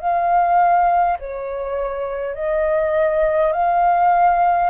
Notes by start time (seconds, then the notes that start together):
0.00 F5
1.20 C#5
2.35 D#5
3.53 F5